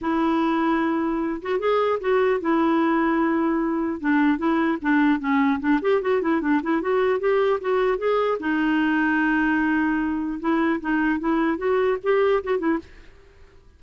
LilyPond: \new Staff \with { instrumentName = "clarinet" } { \time 4/4 \tempo 4 = 150 e'2.~ e'8 fis'8 | gis'4 fis'4 e'2~ | e'2 d'4 e'4 | d'4 cis'4 d'8 g'8 fis'8 e'8 |
d'8 e'8 fis'4 g'4 fis'4 | gis'4 dis'2.~ | dis'2 e'4 dis'4 | e'4 fis'4 g'4 fis'8 e'8 | }